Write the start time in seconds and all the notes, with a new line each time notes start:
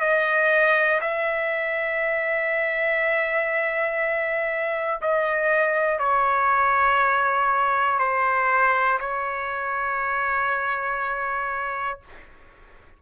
0.00 D#5
1.01 E5
5.02 D#5
6.00 C#5
8.00 C5
9.00 C#5